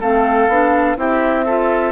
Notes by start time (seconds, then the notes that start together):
0.00 A3 C4 A4 F5
0.48 B3 D4
0.97 C4 E4 G4 E5
1.45 F4 A4